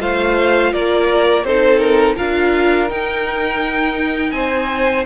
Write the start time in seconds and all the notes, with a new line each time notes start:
0.00 A3 F4 C5 F5
0.73 A#3 A#4 D5
1.44 C4 D#4 A4 C5
1.78 A#4
2.16 D4 F4 A#4 F5
2.89 D#4 G5
4.31 C4 C5 G#5